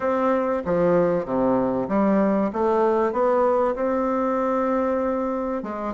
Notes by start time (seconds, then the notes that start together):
0.00 C4
0.65 F3
1.25 C3
1.88 G3
2.52 A3
3.12 B3
3.75 C4
5.62 G#3